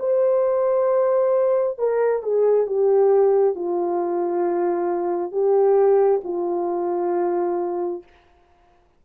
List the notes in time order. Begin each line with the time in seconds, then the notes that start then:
0.00 C5
1.79 A#4
2.23 G#4
2.67 G4
3.55 F4
5.32 G4
6.24 F4